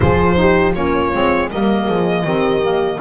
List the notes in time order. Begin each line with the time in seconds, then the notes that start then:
0.00 F3 F4 G#4 C5
0.34 D#4 G4
0.74 A#3 C#4 F4 C#5
1.13 G#3 C4
1.50 G3 A#3 A#4 D#5
1.86 F3 G#4
2.24 D#3 C4 G4
2.62 A#3